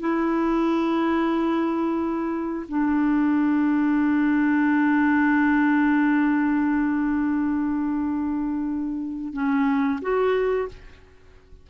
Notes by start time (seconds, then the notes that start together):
0.00 E4
2.68 D4
9.33 C#4
10.02 F#4